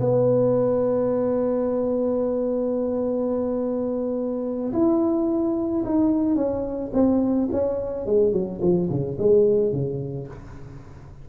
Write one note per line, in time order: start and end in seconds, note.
0.00 4.72 B3
4.73 5.84 E4
5.85 6.35 D#4
6.35 6.91 C#4
6.93 7.48 C4
7.51 8.06 C#4
8.06 8.32 G#3
8.32 8.60 F#3
8.61 8.89 F3
8.89 9.17 C#3
9.18 9.72 G#3
9.72 10.27 C#3